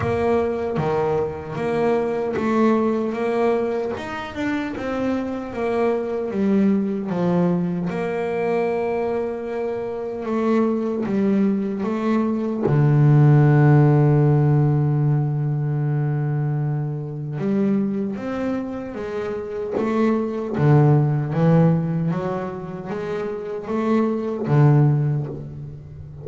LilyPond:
\new Staff \with { instrumentName = "double bass" } { \time 4/4 \tempo 4 = 76 ais4 dis4 ais4 a4 | ais4 dis'8 d'8 c'4 ais4 | g4 f4 ais2~ | ais4 a4 g4 a4 |
d1~ | d2 g4 c'4 | gis4 a4 d4 e4 | fis4 gis4 a4 d4 | }